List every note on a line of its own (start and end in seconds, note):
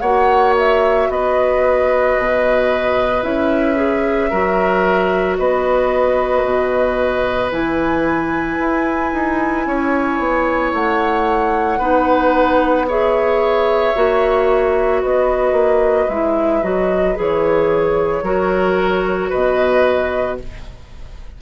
0.00 1.08 A#3
0.00 3.23 F#4
0.00 1.08 C#5
0.00 0.54 F#5
0.58 1.11 E5
1.09 2.16 B3
1.09 4.30 B4
1.09 3.23 D#5
2.18 3.24 B2
3.23 4.31 C#4
3.23 3.75 E4
3.23 5.37 E5
3.75 4.29 G#4
4.30 5.39 F#3
4.30 7.52 F#4
4.30 5.37 A#4
5.37 6.44 B3
5.37 9.67 B4
5.37 7.52 D#5
6.44 7.52 B2
7.52 8.59 E3
7.52 11.80 E4
7.52 10.74 G#5
8.59 9.13 E4
9.13 9.67 D#4
9.67 10.19 C#4
9.67 11.79 C#5
10.19 10.73 B3
10.73 11.79 A3
10.73 12.89 F#5
11.79 13.93 B3
11.79 12.87 D#4
11.79 12.86 B4
12.88 13.95 G#4
12.88 15.02 C#5
12.88 15.02 E5
13.95 15.03 A#3
13.95 16.10 F#4
15.02 15.52 B3
15.02 18.23 B4
15.02 16.10 D#5
15.52 16.06 A#3
16.09 16.62 G#3
16.09 16.63 E4
16.09 16.63 E5
16.63 17.16 F#3
16.63 17.16 F#4
16.63 17.17 D#5
17.16 18.23 E3
17.16 18.23 G#4
17.16 19.30 C#5
18.23 19.30 F#3
18.23 20.39 F#4
18.23 19.29 A#4
19.29 20.42 B2
19.29 20.37 B4
19.29 20.37 D#5